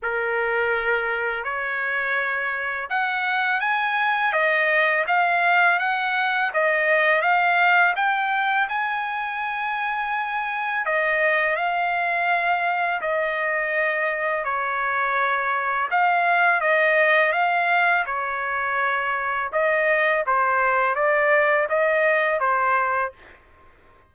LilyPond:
\new Staff \with { instrumentName = "trumpet" } { \time 4/4 \tempo 4 = 83 ais'2 cis''2 | fis''4 gis''4 dis''4 f''4 | fis''4 dis''4 f''4 g''4 | gis''2. dis''4 |
f''2 dis''2 | cis''2 f''4 dis''4 | f''4 cis''2 dis''4 | c''4 d''4 dis''4 c''4 | }